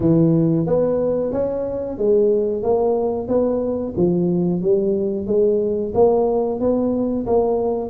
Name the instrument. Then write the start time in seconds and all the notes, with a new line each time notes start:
tuba
0.00 E3
0.66 B3
1.32 C#4
1.98 G#3
2.62 A#3
3.28 B3
3.96 F3
4.62 G3
5.27 G#3
5.94 A#3
6.60 B3
7.26 A#3